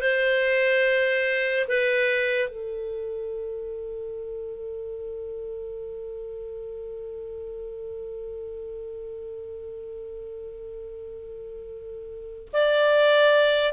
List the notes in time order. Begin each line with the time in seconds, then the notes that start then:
0.00 C5
1.68 B4
2.48 A4
12.53 D5